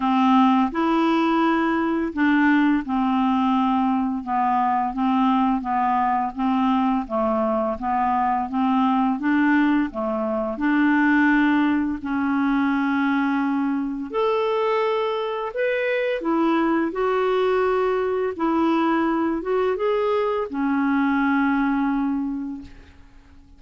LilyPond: \new Staff \with { instrumentName = "clarinet" } { \time 4/4 \tempo 4 = 85 c'4 e'2 d'4 | c'2 b4 c'4 | b4 c'4 a4 b4 | c'4 d'4 a4 d'4~ |
d'4 cis'2. | a'2 b'4 e'4 | fis'2 e'4. fis'8 | gis'4 cis'2. | }